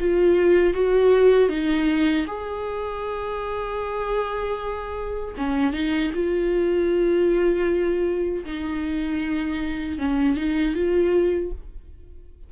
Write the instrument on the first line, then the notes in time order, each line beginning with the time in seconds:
viola
0.00 F4
0.74 F#4
1.49 D#4
2.28 G#4
5.38 C#4
5.73 D#4
6.14 F4
8.45 D#4
9.99 C#4
10.37 D#4
10.75 F4